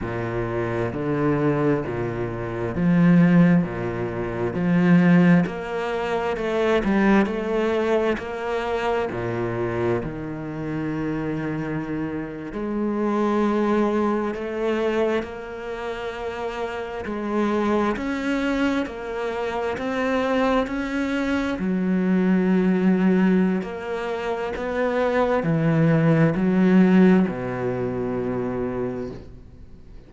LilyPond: \new Staff \with { instrumentName = "cello" } { \time 4/4 \tempo 4 = 66 ais,4 d4 ais,4 f4 | ais,4 f4 ais4 a8 g8 | a4 ais4 ais,4 dis4~ | dis4.~ dis16 gis2 a16~ |
a8. ais2 gis4 cis'16~ | cis'8. ais4 c'4 cis'4 fis16~ | fis2 ais4 b4 | e4 fis4 b,2 | }